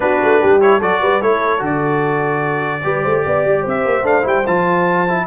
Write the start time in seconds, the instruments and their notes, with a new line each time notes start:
0.00 tuba B3, trombone D4, horn F#4, trumpet B4
0.23 tuba A3
0.40 tuba G3, horn G4
0.60 trombone E4, trumpet C#5
0.78 tuba F#3, trombone F#4, horn A4, trumpet D5
1.01 tuba G3, horn B4
1.21 tuba A3, trombone E4, horn A4, trumpet C#5
1.58 tuba D3, trombone F#4
1.65 trumpet D5
2.83 tuba G3, trombone G4, horn B4
3.01 tuba A3, horn C5
3.25 tuba B3, horn D5
3.44 tuba G3
3.62 tuba C4, horn C5
3.68 trumpet E5
3.85 tuba A#3
4.03 tuba A3, trombone D4, trumpet F5
4.22 tuba G3, trombone E4, trumpet G5
4.46 tuba F3, trombone F4, trumpet A5
5.07 trombone E4